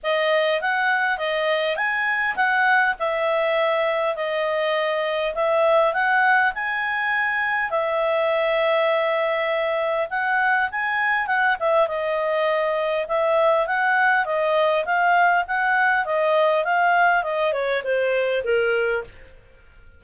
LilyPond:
\new Staff \with { instrumentName = "clarinet" } { \time 4/4 \tempo 4 = 101 dis''4 fis''4 dis''4 gis''4 | fis''4 e''2 dis''4~ | dis''4 e''4 fis''4 gis''4~ | gis''4 e''2.~ |
e''4 fis''4 gis''4 fis''8 e''8 | dis''2 e''4 fis''4 | dis''4 f''4 fis''4 dis''4 | f''4 dis''8 cis''8 c''4 ais'4 | }